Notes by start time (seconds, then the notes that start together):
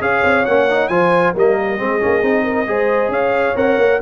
0.00 C#4 G#4 C#5 F5
0.23 C4
0.45 A#3 C#4 F#5
0.69 D#4
0.88 F3 F4 C5 G#5
1.34 G3 A#3 A#4 D#5
1.78 G#3 C4 G#4
2.00 A#3 C#4
2.22 C4 D#4
2.44 A#4
2.67 G#3 G#4 C5
3.08 C#4 C#5 F5
3.55 C4 A#4 F#5
3.78 A#3